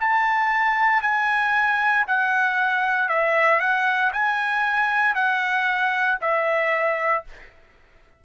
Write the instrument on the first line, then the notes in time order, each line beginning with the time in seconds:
trumpet
0.00 A5
1.02 G#5
2.07 F#5
3.09 E5
3.60 F#5
4.12 G#5
5.15 F#5
6.21 E5